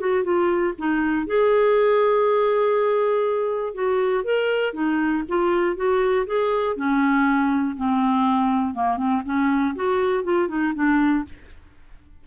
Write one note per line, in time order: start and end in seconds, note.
0.00 0.24 F#4
0.24 0.74 F4
0.79 1.27 D#4
1.27 3.75 G#4
3.75 4.25 F#4
4.25 4.74 A#4
4.74 5.24 D#4
5.29 5.76 F4
5.76 6.26 F#4
6.27 6.77 G#4
6.77 7.77 C#4
7.77 8.75 C4
8.75 8.97 A#3
8.97 9.22 C4
9.25 9.75 C#4
9.76 10.24 F#4
10.24 10.49 F4
10.49 10.74 D#4
10.75 11.25 D4